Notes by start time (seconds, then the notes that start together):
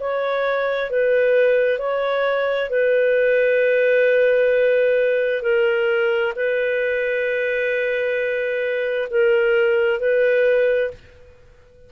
0.00 C#5
0.90 B4
1.79 C#5
2.70 B4
5.42 A#4
6.36 B4
9.10 A#4
10.00 B4